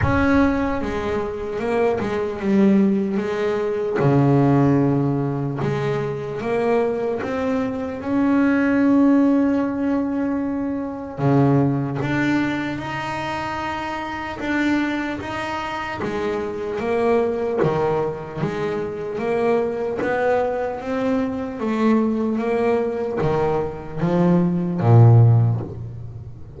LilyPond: \new Staff \with { instrumentName = "double bass" } { \time 4/4 \tempo 4 = 75 cis'4 gis4 ais8 gis8 g4 | gis4 cis2 gis4 | ais4 c'4 cis'2~ | cis'2 cis4 d'4 |
dis'2 d'4 dis'4 | gis4 ais4 dis4 gis4 | ais4 b4 c'4 a4 | ais4 dis4 f4 ais,4 | }